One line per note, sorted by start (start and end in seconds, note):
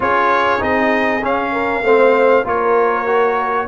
0.00 0.60 C#4
0.00 0.59 F4
0.00 1.52 G#4
0.00 0.62 C#5
0.59 1.22 C4
0.59 1.21 D#4
0.59 1.23 D#5
1.22 1.83 C#4
1.22 2.47 F5
1.52 1.82 A#4
1.83 2.44 A3
1.83 2.44 C4
1.83 2.43 C5
2.43 3.66 A#3
2.43 3.06 F4
2.43 3.65 A#4
2.43 3.67 C#5
3.06 3.67 F#4